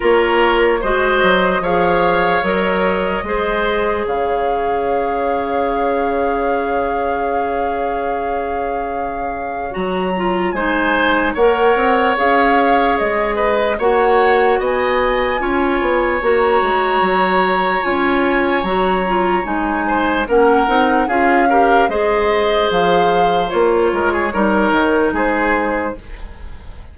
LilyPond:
<<
  \new Staff \with { instrumentName = "flute" } { \time 4/4 \tempo 4 = 74 cis''4 dis''4 f''4 dis''4~ | dis''4 f''2.~ | f''1 | ais''4 gis''4 fis''4 f''4 |
dis''4 fis''4 gis''2 | ais''2 gis''4 ais''4 | gis''4 fis''4 f''4 dis''4 | f''4 cis''2 c''4 | }
  \new Staff \with { instrumentName = "oboe" } { \time 4/4 ais'4 c''4 cis''2 | c''4 cis''2.~ | cis''1~ | cis''4 c''4 cis''2~ |
cis''8 b'8 cis''4 dis''4 cis''4~ | cis''1~ | cis''8 c''8 ais'4 gis'8 ais'8 c''4~ | c''4. ais'16 gis'16 ais'4 gis'4 | }
  \new Staff \with { instrumentName = "clarinet" } { \time 4/4 f'4 fis'4 gis'4 ais'4 | gis'1~ | gis'1 | fis'8 f'8 dis'4 ais'4 gis'4~ |
gis'4 fis'2 f'4 | fis'2 f'4 fis'8 f'8 | dis'4 cis'8 dis'8 f'8 g'8 gis'4~ | gis'4 f'4 dis'2 | }
  \new Staff \with { instrumentName = "bassoon" } { \time 4/4 ais4 gis8 fis8 f4 fis4 | gis4 cis2.~ | cis1 | fis4 gis4 ais8 c'8 cis'4 |
gis4 ais4 b4 cis'8 b8 | ais8 gis8 fis4 cis'4 fis4 | gis4 ais8 c'8 cis'4 gis4 | f4 ais8 gis8 g8 dis8 gis4 | }
>>